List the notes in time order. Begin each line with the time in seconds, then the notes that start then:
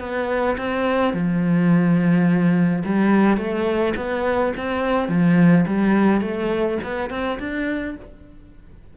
0.00 B3
0.58 C4
1.14 F3
2.85 G3
3.38 A3
3.96 B3
4.57 C4
5.09 F3
5.67 G3
6.22 A3
6.84 B3
7.10 C4
7.39 D4